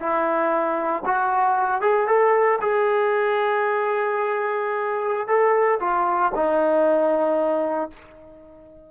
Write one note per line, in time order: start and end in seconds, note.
0.00 1.03 E4
1.06 1.81 F#4
1.81 2.07 G#4
2.08 2.59 A4
2.61 5.28 G#4
5.28 5.79 A4
5.80 6.32 F4
6.35 7.90 D#4